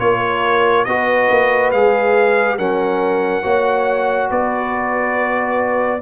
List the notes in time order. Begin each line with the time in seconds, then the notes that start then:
0.00 A#3 F4 A#4 C#5
0.85 B3 F#4 B4 D#5
1.31 A#3
1.72 G#3 G#4 F5
2.58 F#3 C#4 A#4 F#5
3.43 A#3 F#4 C#5
4.31 B3 B4 D5